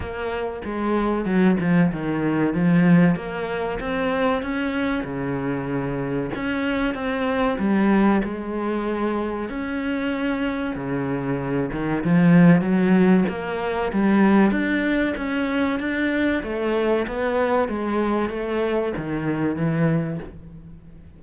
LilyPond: \new Staff \with { instrumentName = "cello" } { \time 4/4 \tempo 4 = 95 ais4 gis4 fis8 f8 dis4 | f4 ais4 c'4 cis'4 | cis2 cis'4 c'4 | g4 gis2 cis'4~ |
cis'4 cis4. dis8 f4 | fis4 ais4 g4 d'4 | cis'4 d'4 a4 b4 | gis4 a4 dis4 e4 | }